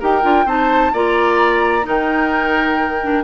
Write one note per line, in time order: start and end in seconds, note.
0.00 0.24 D#4
0.00 0.22 G4
0.00 0.46 A#4
0.00 0.49 G5
0.22 0.45 D4
0.22 0.45 F4
0.45 0.92 C4
0.45 0.93 D#4
0.45 0.92 C5
0.45 0.94 A5
0.93 1.87 A#3
0.93 1.83 F4
0.93 1.86 D5
0.93 1.87 A#5
1.83 3.24 D#3
1.83 2.99 D#4
1.83 3.24 A#4
1.83 3.24 G5
3.03 3.24 D4